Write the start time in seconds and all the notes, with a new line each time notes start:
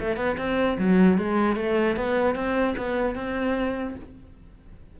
0.00 A3
0.17 B3
0.38 C4
0.79 F#3
1.18 G#3
1.57 A3
1.97 B3
2.35 C4
2.77 B3
3.15 C4